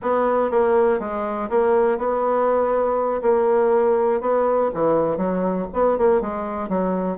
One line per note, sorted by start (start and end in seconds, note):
0.01 0.50 B3
0.50 0.99 A#3
0.99 1.49 G#3
1.49 1.97 A#3
1.97 3.21 B3
3.22 4.20 A#3
4.20 4.70 B3
4.74 5.17 E3
5.17 5.66 F#3
5.73 5.98 B3
5.98 6.21 A#3
6.21 6.68 G#3
6.68 7.17 F#3